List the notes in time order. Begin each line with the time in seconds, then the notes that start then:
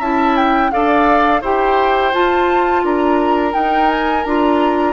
0.00 C#4 E4 E5 A5
0.37 G5
0.71 D4 A4 D5 F5
1.41 E4 G4 C5 G5
2.13 F4 A5
2.84 D4 A#4 A#5
3.52 D#4 G5
3.89 G#5
4.24 D4 F4 A#5